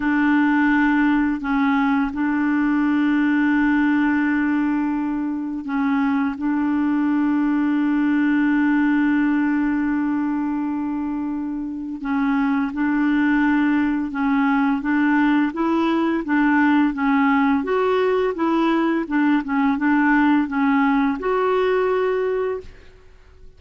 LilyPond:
\new Staff \with { instrumentName = "clarinet" } { \time 4/4 \tempo 4 = 85 d'2 cis'4 d'4~ | d'1 | cis'4 d'2.~ | d'1~ |
d'4 cis'4 d'2 | cis'4 d'4 e'4 d'4 | cis'4 fis'4 e'4 d'8 cis'8 | d'4 cis'4 fis'2 | }